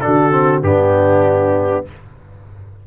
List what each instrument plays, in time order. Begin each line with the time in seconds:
0.00 tuba D3, trombone D4, horn F#4, trumpet A4
0.31 trombone C4
0.62 tuba G2, trombone B3, horn D4, trumpet G4